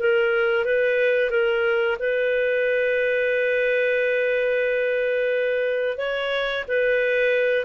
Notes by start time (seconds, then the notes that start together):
0.00 A#4
0.65 B4
1.31 A#4
1.99 B4
5.98 C#5
6.68 B4